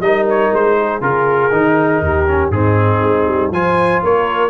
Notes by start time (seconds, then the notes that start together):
0.00 G3 D#4 A#4 D#5
0.29 C#5
0.53 G#3 C5
0.79 G#4
1.01 C#3 F4 A#4
1.51 D#3 D#4
2.01 D#2 G4
2.27 C#4
2.50 G#2 C4 D#4 G#4
3.02 G#3
3.27 G3
3.50 F3 F4 C5 G#5
4.03 A#3 A#4 C#5